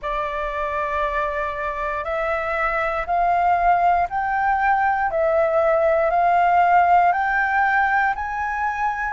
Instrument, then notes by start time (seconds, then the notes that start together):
flute
0.02 D5
2.04 E5
3.06 F5
4.09 G5
5.11 E5
6.10 F5
7.12 G5
8.14 G#5